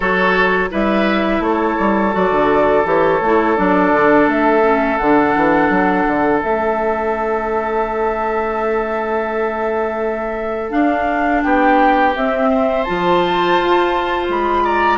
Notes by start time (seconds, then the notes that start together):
0.00 F#3 F#4 A4 C#5
0.70 G3 E4 B4 E5
1.39 A3 C#5
1.46 A4
1.79 G3
2.12 F#3 F#4 D5
2.31 D3
2.84 E3 G4 C#5
3.21 A3 E4
3.56 F#3 D4 D5
3.92 D3
4.26 A3 E5
4.61 C#4
4.97 D3 D4 F#5
5.35 E3
5.69 F#3
6.07 D3
6.42 A3 C#4 E5
10.70 D4 F5
11.42 B3 G4 G5
12.15 C4 E5
12.49 C5
12.83 F3 F4 A5
13.59 F4
14.29 G#3 B5
14.64 D5 A#5